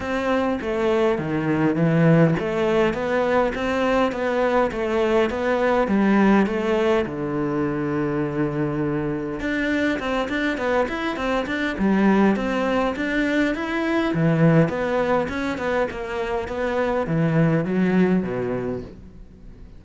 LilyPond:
\new Staff \with { instrumentName = "cello" } { \time 4/4 \tempo 4 = 102 c'4 a4 dis4 e4 | a4 b4 c'4 b4 | a4 b4 g4 a4 | d1 |
d'4 c'8 d'8 b8 e'8 c'8 d'8 | g4 c'4 d'4 e'4 | e4 b4 cis'8 b8 ais4 | b4 e4 fis4 b,4 | }